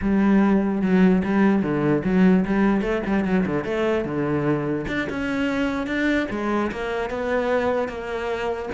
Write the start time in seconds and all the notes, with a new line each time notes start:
0.01 G3
0.81 F#3
1.24 G3
1.62 D3
2.04 F#3
2.45 G3
2.81 A3
3.06 G3
3.24 F#3
3.46 D3
3.64 A3
4.04 D3
4.87 D4
5.09 C#4
5.86 D4
6.30 G#3
6.71 A#3
7.09 B3
7.88 A#3